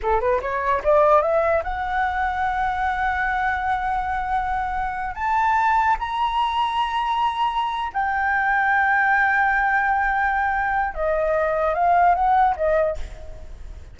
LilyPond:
\new Staff \with { instrumentName = "flute" } { \time 4/4 \tempo 4 = 148 a'8 b'8 cis''4 d''4 e''4 | fis''1~ | fis''1~ | fis''8. a''2 ais''4~ ais''16~ |
ais''2.~ ais''8 g''8~ | g''1~ | g''2. dis''4~ | dis''4 f''4 fis''4 dis''4 | }